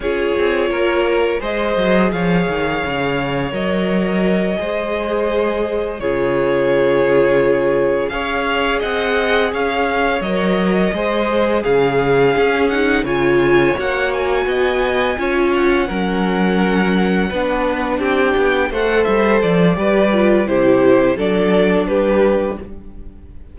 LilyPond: <<
  \new Staff \with { instrumentName = "violin" } { \time 4/4 \tempo 4 = 85 cis''2 dis''4 f''4~ | f''4 dis''2.~ | dis''8 cis''2. f''8~ | f''8 fis''4 f''4 dis''4.~ |
dis''8 f''4. fis''8 gis''4 fis''8 | gis''2 fis''2~ | fis''4. g''4 fis''8 e''8 d''8~ | d''4 c''4 d''4 b'4 | }
  \new Staff \with { instrumentName = "violin" } { \time 4/4 gis'4 ais'4 c''4 cis''4~ | cis''2~ cis''8 c''4.~ | c''8 gis'2. cis''8~ | cis''8 dis''4 cis''2 c''8~ |
c''8 gis'2 cis''4.~ | cis''8 dis''4 cis''4 ais'4.~ | ais'8 b'4 g'4 c''4. | b'4 g'4 a'4 g'4 | }
  \new Staff \with { instrumentName = "viola" } { \time 4/4 f'2 gis'2~ | gis'4 ais'4. gis'4.~ | gis'8 f'2. gis'8~ | gis'2~ gis'8 ais'4 gis'8~ |
gis'4. cis'8 dis'8 f'4 fis'8~ | fis'4. f'4 cis'4.~ | cis'8 d'2 a'4. | g'8 f'8 e'4 d'2 | }
  \new Staff \with { instrumentName = "cello" } { \time 4/4 cis'8 c'8 ais4 gis8 fis8 f8 dis8 | cis4 fis4. gis4.~ | gis8 cis2. cis'8~ | cis'8 c'4 cis'4 fis4 gis8~ |
gis8 cis4 cis'4 cis4 ais8~ | ais8 b4 cis'4 fis4.~ | fis8 b4 c'8 b8 a8 g8 f8 | g4 c4 fis4 g4 | }
>>